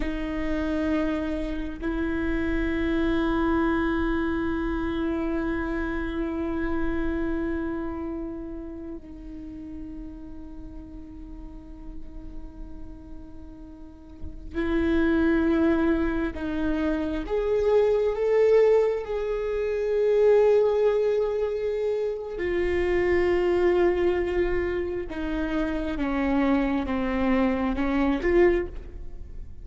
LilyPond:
\new Staff \with { instrumentName = "viola" } { \time 4/4 \tempo 4 = 67 dis'2 e'2~ | e'1~ | e'2 dis'2~ | dis'1~ |
dis'16 e'2 dis'4 gis'8.~ | gis'16 a'4 gis'2~ gis'8.~ | gis'4 f'2. | dis'4 cis'4 c'4 cis'8 f'8 | }